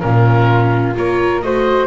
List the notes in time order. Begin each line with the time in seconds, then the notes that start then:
0.00 A#2 C#4 F4 A#4
0.95 A#3 F4 A#4 C#5
1.41 A3 F#4 C5 D#5